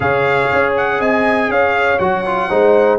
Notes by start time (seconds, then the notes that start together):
0.00 C#3 G#4 C#5 F5
0.53 C#4
0.76 F#5
0.99 C4 D#5 G#5
1.48 C#4 C#5 F5
1.98 F#3 F#4 F#5
2.25 F4
2.49 G#3 D#4 C5